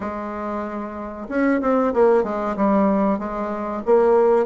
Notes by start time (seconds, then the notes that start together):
0.00 G#3
1.29 C#4
1.61 C4
1.93 A#3
2.23 G#3
2.56 G3
3.18 G#3
3.85 A#3